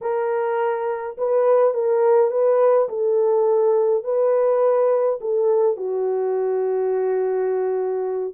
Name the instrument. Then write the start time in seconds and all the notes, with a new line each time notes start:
horn
0.01 A#4
1.17 B4
1.74 A#4
2.31 B4
2.88 A4
4.04 B4
5.21 A4
5.76 F#4